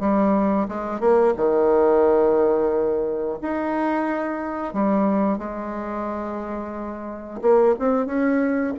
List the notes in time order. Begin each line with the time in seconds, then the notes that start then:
0.00 G3
0.68 G#3
1.00 A#3
1.36 D#3
3.42 D#4
4.73 G3
5.38 G#3
7.41 A#3
7.79 C4
8.06 C#4